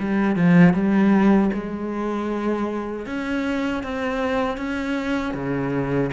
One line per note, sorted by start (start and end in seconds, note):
0.00 0.36 G3
0.36 0.74 F3
0.74 1.51 G3
1.54 3.07 G#3
3.07 3.84 C#4
3.84 4.58 C4
4.58 5.34 C#4
5.34 6.11 C#3